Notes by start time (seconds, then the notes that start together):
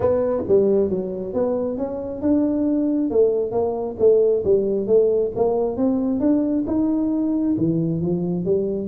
0.00 B3
0.47 G3
0.89 F#3
1.33 B3
1.77 C#4
2.21 D4
3.10 A3
3.51 A#3
3.99 A3
4.44 G3
4.86 A3
5.35 A#3
5.76 C4
6.20 D4
6.66 D#4
7.57 E3
8.01 F3
8.45 G3